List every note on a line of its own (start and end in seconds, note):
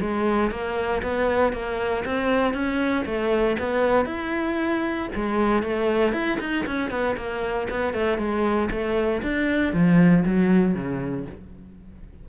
0.00 0.50 G#3
0.50 1.01 A#3
1.02 1.52 B3
1.52 2.04 A#3
2.05 2.53 C4
2.53 3.05 C#4
3.05 3.56 A3
3.59 4.05 B3
4.05 5.08 E4
5.15 5.62 G#3
5.62 6.12 A3
6.12 6.38 E4
6.40 6.65 D#4
6.66 6.90 C#4
6.90 7.16 B3
7.16 7.68 A#3
7.69 7.93 B3
7.93 8.18 A3
8.18 8.69 G#3
8.70 9.22 A3
9.22 9.73 D4
9.73 10.24 F3
10.25 10.74 F#3
10.74 11.26 C#3